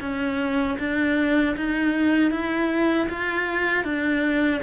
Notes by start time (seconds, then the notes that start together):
0.00 C#4
0.79 D4
1.56 D#4
2.31 E4
3.09 F4
3.84 D4